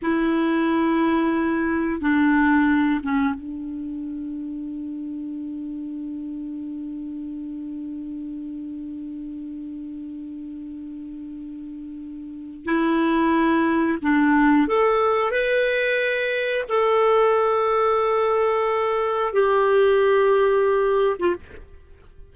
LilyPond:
\new Staff \with { instrumentName = "clarinet" } { \time 4/4 \tempo 4 = 90 e'2. d'4~ | d'8 cis'8 d'2.~ | d'1~ | d'1~ |
d'2. e'4~ | e'4 d'4 a'4 b'4~ | b'4 a'2.~ | a'4 g'2~ g'8. f'16 | }